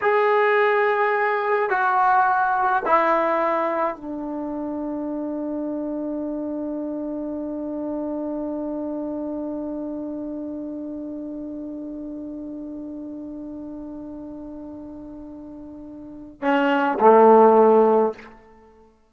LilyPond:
\new Staff \with { instrumentName = "trombone" } { \time 4/4 \tempo 4 = 106 gis'2. fis'4~ | fis'4 e'2 d'4~ | d'1~ | d'1~ |
d'1~ | d'1~ | d'1~ | d'4 cis'4 a2 | }